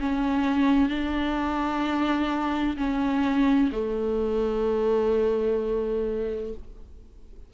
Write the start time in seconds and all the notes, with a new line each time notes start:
0.00 C#4
0.89 D4
2.77 C#4
3.72 A3